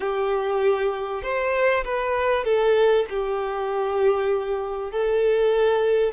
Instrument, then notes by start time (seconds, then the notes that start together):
violin
0.00 G4
1.22 C5
1.84 B4
2.44 A4
3.09 G4
4.91 A4